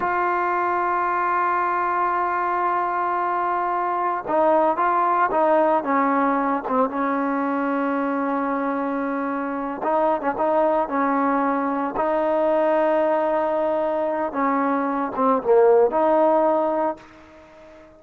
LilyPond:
\new Staff \with { instrumentName = "trombone" } { \time 4/4 \tempo 4 = 113 f'1~ | f'1 | dis'4 f'4 dis'4 cis'4~ | cis'8 c'8 cis'2.~ |
cis'2~ cis'8 dis'8. cis'16 dis'8~ | dis'8 cis'2 dis'4.~ | dis'2. cis'4~ | cis'8 c'8 ais4 dis'2 | }